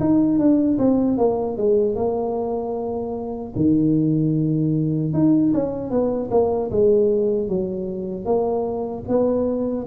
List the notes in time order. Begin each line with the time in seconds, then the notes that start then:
0.00 D#4
0.39 D4
0.78 C4
1.18 A#3
1.58 G#3
1.95 A#3
3.55 D#3
5.13 D#4
5.54 C#4
5.90 B3
6.31 A#3
6.71 G#3
7.48 F#3
8.25 A#3
9.08 B3